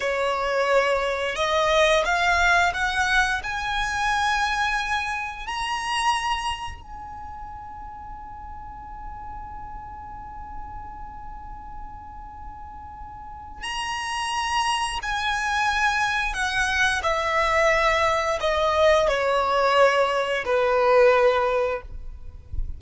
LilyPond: \new Staff \with { instrumentName = "violin" } { \time 4/4 \tempo 4 = 88 cis''2 dis''4 f''4 | fis''4 gis''2. | ais''2 gis''2~ | gis''1~ |
gis''1 | ais''2 gis''2 | fis''4 e''2 dis''4 | cis''2 b'2 | }